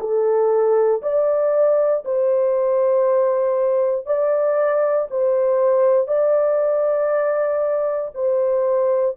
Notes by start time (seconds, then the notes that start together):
0.00 A4
1.02 D5
2.05 C5
4.06 D5
5.10 C5
6.07 D5
8.14 C5